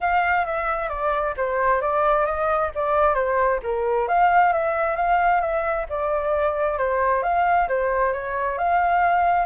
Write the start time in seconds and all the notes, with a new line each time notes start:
0.00 F5
0.45 E5
0.89 D5
1.37 C5
1.81 D5
2.25 D#5
2.74 D5
3.14 C5
3.62 A#4
4.08 F5
4.52 E5
4.96 F5
5.41 E5
5.89 D5
6.78 C5
7.23 F5
7.68 C5
8.12 C#5
8.58 F5